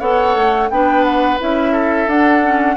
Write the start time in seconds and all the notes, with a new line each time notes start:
0.00 B3 A4 C#5 F#5
0.35 A3
0.70 B3 D4 B4 G5
1.04 F#5
1.39 C#4 E4 E5
1.72 A4
2.08 D4 F#5
2.43 C#4